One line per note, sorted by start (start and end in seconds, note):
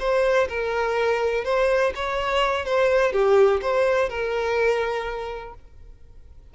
0.00 0.48 C5
0.49 1.45 A#4
1.45 1.93 C5
1.96 2.66 C#5
2.66 3.13 C5
3.13 3.61 G4
3.62 4.10 C5
4.10 5.55 A#4